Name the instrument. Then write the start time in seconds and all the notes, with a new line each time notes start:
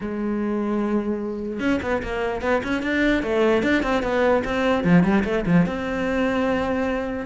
cello
0.01 G#3
1.59 C#4
1.82 B3
2.02 A#3
2.41 B3
2.63 C#4
2.82 D4
3.22 A3
3.62 D4
3.83 C4
4.02 B3
4.44 C4
4.84 F3
5.03 G3
5.24 A3
5.46 F3
5.66 C4